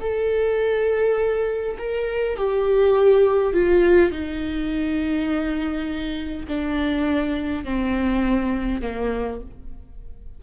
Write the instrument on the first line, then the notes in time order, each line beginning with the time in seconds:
viola
0.00 A4
1.78 A#4
2.37 G4
3.53 F4
4.11 D#4
6.47 D4
7.64 C4
8.81 A#3